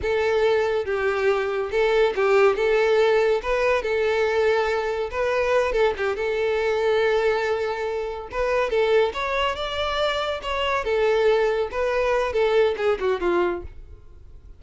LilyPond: \new Staff \with { instrumentName = "violin" } { \time 4/4 \tempo 4 = 141 a'2 g'2 | a'4 g'4 a'2 | b'4 a'2. | b'4. a'8 g'8 a'4.~ |
a'2.~ a'8 b'8~ | b'8 a'4 cis''4 d''4.~ | d''8 cis''4 a'2 b'8~ | b'4 a'4 gis'8 fis'8 f'4 | }